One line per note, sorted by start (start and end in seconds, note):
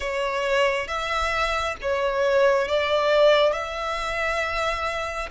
0.00 0.87 C#5
0.87 1.75 E5
1.81 2.68 C#5
2.68 3.53 D5
3.53 5.29 E5